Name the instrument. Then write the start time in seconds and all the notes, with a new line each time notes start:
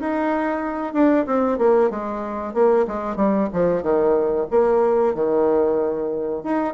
bassoon
0.00 D#4
0.94 D4
1.26 C4
1.58 A#3
1.90 G#3
2.54 A#3
2.87 G#3
3.16 G3
3.53 F3
3.83 D#3
4.51 A#3
5.15 D#3
6.44 D#4